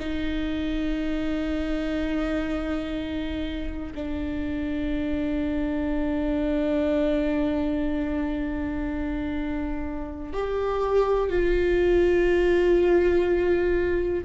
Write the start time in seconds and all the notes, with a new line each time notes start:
0.00 D#4
3.95 D4
10.34 G4
11.30 F4